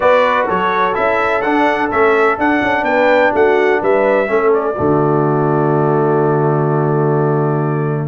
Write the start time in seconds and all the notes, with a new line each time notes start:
0.00 B3 F#4 B4 D5
0.46 F#3 A4 C#5
0.93 C#4 E4 E5
1.41 D4 F#5
1.91 A3 C#4 E5
2.37 D4 F#5
2.62 C#4
2.82 B3 B4 G5
3.33 A3 F#4 F#5
3.80 G3 B4 E5
4.27 A3 C#4 A4
4.53 D5
4.75 D3 A3 F#4